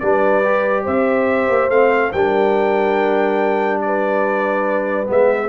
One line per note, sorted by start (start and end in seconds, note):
0.00 0.87 G3
0.00 0.45 D4
0.00 0.84 B4
0.00 0.85 D5
0.45 1.71 G4
0.84 1.49 C4
0.84 2.11 C5
0.84 1.70 E5
1.49 1.70 A#3
1.70 2.12 A3
1.70 2.13 C4
1.70 2.13 F5
2.13 5.09 G3
2.13 5.07 D4
2.13 3.82 A#4
2.13 3.81 G5
3.81 5.49 B4
3.81 5.08 D5
5.07 5.49 G#3
5.07 5.49 B3
5.07 5.49 E5